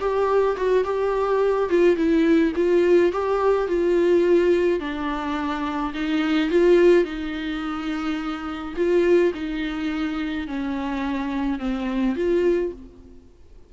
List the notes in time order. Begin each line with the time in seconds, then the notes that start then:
0.00 G4
0.57 F#4
0.85 G4
1.70 F4
1.96 E4
2.56 F4
3.13 G4
3.68 F4
4.80 D4
5.94 D#4
6.50 F4
7.05 D#4
8.76 F4
9.34 D#4
10.48 C#4
11.60 C4
12.16 F4